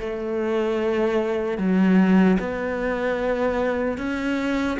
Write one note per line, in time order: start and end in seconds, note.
0.00 1.58 A3
1.58 2.38 F#3
2.40 3.98 B3
3.98 4.78 C#4